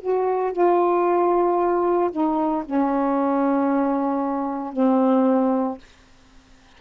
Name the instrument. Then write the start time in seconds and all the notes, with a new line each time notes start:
saxophone
0.00 F#4
0.52 F4
2.11 D#4
2.65 C#4
4.73 C4